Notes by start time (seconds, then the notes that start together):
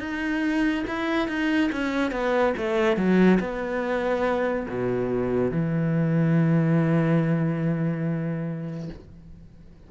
0.00 D#4
0.88 E4
1.28 D#4
1.72 C#4
2.12 B3
2.57 A3
2.97 F#3
3.40 B3
4.69 B2
5.52 E3